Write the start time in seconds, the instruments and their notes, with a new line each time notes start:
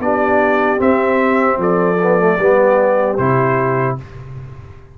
0.00 tuba B3, trombone D4, horn G4, trumpet D5
0.78 trombone C4, tuba C4, trumpet E5
1.58 tuba F3, horn A4, trumpet D5
2.02 trombone B3
2.19 trombone A3
2.39 tuba G3, trombone B3, horn G4
3.18 tuba C3, trombone E4, trumpet C5